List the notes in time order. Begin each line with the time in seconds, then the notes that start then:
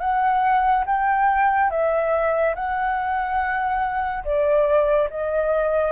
0.00 F#5
0.86 G5
1.70 E5
2.55 F#5
4.24 D5
5.10 D#5